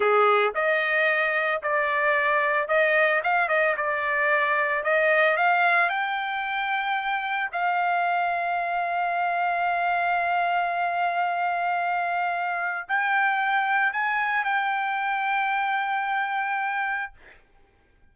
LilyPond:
\new Staff \with { instrumentName = "trumpet" } { \time 4/4 \tempo 4 = 112 gis'4 dis''2 d''4~ | d''4 dis''4 f''8 dis''8 d''4~ | d''4 dis''4 f''4 g''4~ | g''2 f''2~ |
f''1~ | f''1 | g''2 gis''4 g''4~ | g''1 | }